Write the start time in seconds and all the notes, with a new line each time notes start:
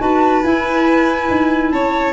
0.00 D#4 F#4 B4 A5
0.44 E4 G#5
1.30 D#4
1.71 C#4 C#5 A5